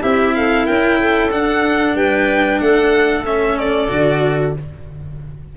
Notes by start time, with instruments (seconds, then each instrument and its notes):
0.00 tuba C4, cello E4, clarinet G4, violin E5
0.34 clarinet A4, violin F5
0.66 tuba C#4, clarinet A#4, violin G5
1.00 clarinet A4
1.31 cello D4, tuba D4, violin F#5
1.95 tuba G3, clarinet B4, violin G5
2.60 tuba A3, clarinet A4, violin F#5
3.25 cello C#4, violin E5
3.58 violin D5
3.88 tuba D3, cello F#4